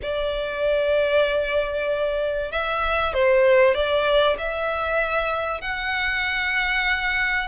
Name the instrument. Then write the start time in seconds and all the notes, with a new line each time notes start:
violin
0.02 D5
2.51 E5
3.13 C5
3.74 D5
4.38 E5
5.61 F#5